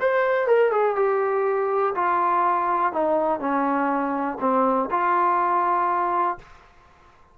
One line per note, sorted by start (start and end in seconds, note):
0.00 0.47 C5
0.47 0.71 A#4
0.71 0.96 G#4
0.96 1.94 G4
1.95 2.92 F4
2.92 3.39 D#4
3.39 4.38 C#4
4.40 4.89 C4
4.90 6.38 F4